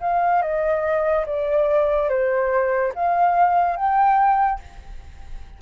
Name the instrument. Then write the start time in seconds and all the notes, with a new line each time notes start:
flute
0.00 F5
0.42 D#5
1.25 D5
2.09 C5
2.94 F5
3.76 G5